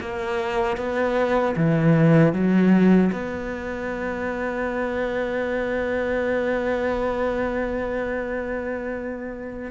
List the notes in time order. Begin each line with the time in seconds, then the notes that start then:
0.00 A#3
0.77 B3
1.56 E3
2.33 F#3
3.12 B3